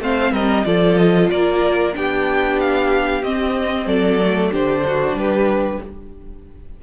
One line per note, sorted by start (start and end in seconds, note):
0.00 0.32 A3
0.00 0.65 C4
0.00 0.33 C5
0.00 0.33 F5
0.32 0.64 G3
0.32 0.65 A#4
0.32 0.65 D#5
0.65 1.30 F3
0.65 1.93 F4
0.65 1.31 A4
0.65 0.97 D5
0.97 1.29 D#5
1.30 1.95 A#3
1.30 1.96 A#4
1.30 1.94 D5
1.93 3.22 B3
1.93 3.22 D4
1.93 3.86 G4
1.93 2.59 G5
2.59 3.23 F5
3.22 3.86 C4
3.22 4.20 C4
3.22 3.87 D#5
3.86 4.50 F#3
3.86 4.50 A4
3.86 4.52 D5
4.20 4.52 A3
4.51 5.13 D3
4.51 5.81 D4
4.51 4.83 G4
4.51 5.18 C5
4.87 5.18 F#4
5.13 5.77 G3
5.13 5.83 G4
5.13 5.83 B4